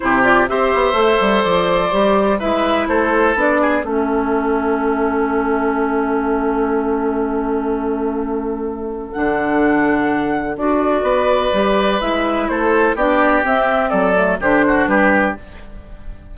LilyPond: <<
  \new Staff \with { instrumentName = "flute" } { \time 4/4 \tempo 4 = 125 c''8 d''8 e''2 d''4~ | d''4 e''4 c''4 d''4 | e''1~ | e''1~ |
e''2. fis''4~ | fis''2 d''2~ | d''4 e''4 c''4 d''4 | e''4 d''4 c''4 b'4 | }
  \new Staff \with { instrumentName = "oboe" } { \time 4/4 g'4 c''2.~ | c''4 b'4 a'4. gis'8 | a'1~ | a'1~ |
a'1~ | a'2. b'4~ | b'2 a'4 g'4~ | g'4 a'4 g'8 fis'8 g'4 | }
  \new Staff \with { instrumentName = "clarinet" } { \time 4/4 e'8 f'8 g'4 a'2 | g'4 e'2 d'4 | cis'1~ | cis'1~ |
cis'2. d'4~ | d'2 fis'2 | g'4 e'2 d'4 | c'4. a8 d'2 | }
  \new Staff \with { instrumentName = "bassoon" } { \time 4/4 c4 c'8 b8 a8 g8 f4 | g4 gis4 a4 b4 | a1~ | a1~ |
a2. d4~ | d2 d'4 b4 | g4 gis4 a4 b4 | c'4 fis4 d4 g4 | }
>>